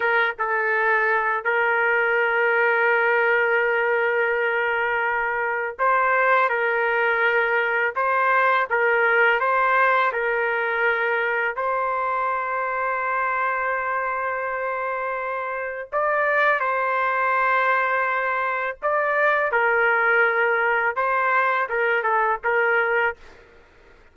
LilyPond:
\new Staff \with { instrumentName = "trumpet" } { \time 4/4 \tempo 4 = 83 ais'8 a'4. ais'2~ | ais'1 | c''4 ais'2 c''4 | ais'4 c''4 ais'2 |
c''1~ | c''2 d''4 c''4~ | c''2 d''4 ais'4~ | ais'4 c''4 ais'8 a'8 ais'4 | }